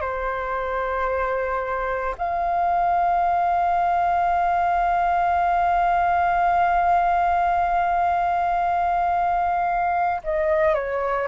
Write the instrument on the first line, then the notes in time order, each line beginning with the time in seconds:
flute
0.00 C5
2.18 F5
10.23 D#5
10.74 C#5